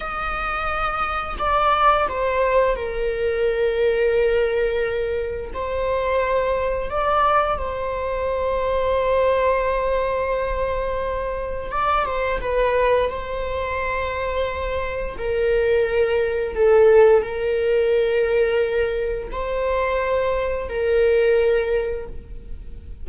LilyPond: \new Staff \with { instrumentName = "viola" } { \time 4/4 \tempo 4 = 87 dis''2 d''4 c''4 | ais'1 | c''2 d''4 c''4~ | c''1~ |
c''4 d''8 c''8 b'4 c''4~ | c''2 ais'2 | a'4 ais'2. | c''2 ais'2 | }